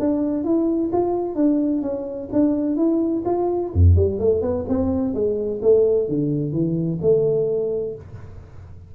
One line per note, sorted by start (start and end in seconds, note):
0.00 0.44 D4
0.44 0.91 E4
0.93 1.36 F4
1.36 1.82 D4
1.83 2.29 C#4
2.33 2.77 D4
2.77 3.24 E4
3.26 3.72 F4
3.74 3.97 F2
3.97 4.20 G3
4.20 4.42 A3
4.42 4.65 B3
4.69 5.14 C4
5.14 5.61 G#3
5.62 6.09 A3
6.09 6.53 D3
6.53 7.00 E3
7.02 7.96 A3